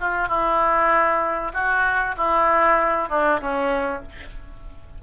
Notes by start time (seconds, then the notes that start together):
0.00 F4
0.28 E4
1.53 F#4
2.16 E4
3.09 D4
3.40 C#4